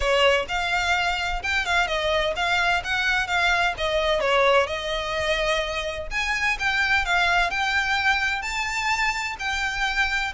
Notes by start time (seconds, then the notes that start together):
0.00 C#5
0.48 F5
1.43 G5
1.65 F5
1.87 D#5
2.35 F5
2.84 F#5
3.27 F5
3.77 D#5
4.20 C#5
4.66 D#5
6.10 G#5
6.59 G5
7.05 F5
7.50 G5
8.42 A5
9.39 G5